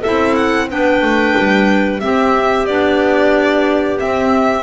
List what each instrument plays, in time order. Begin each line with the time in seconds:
0.00 clarinet E4 A4, violin E5
0.07 double bass C4
0.35 violin F#5
0.70 double bass B3, clarinet D4 B4, violin G5
1.02 double bass A3
1.38 double bass G3
2.00 clarinet C4 G4, double bass C4, violin E5
2.66 double bass B3, clarinet D4, violin D5
3.99 clarinet C4, double bass C4, violin E5